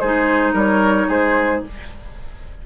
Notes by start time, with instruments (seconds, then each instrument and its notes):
0.00 bassoon G#3, clarinet D#4, oboe G#4, flute C5
0.53 bassoon G3, oboe A#4, flute C#5
1.08 bassoon G#3, oboe G#4, flute C5